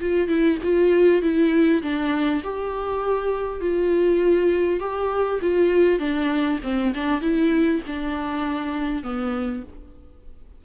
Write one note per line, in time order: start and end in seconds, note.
0.00 0.28 F4
0.28 0.58 E4
0.63 1.22 F4
1.22 1.82 E4
1.82 2.42 D4
2.44 3.61 G4
3.61 4.80 F4
4.80 5.40 G4
5.41 5.99 F4
5.99 6.59 D4
6.63 6.93 C4
6.94 7.21 D4
7.21 7.81 E4
7.87 9.03 D4
9.03 9.63 B3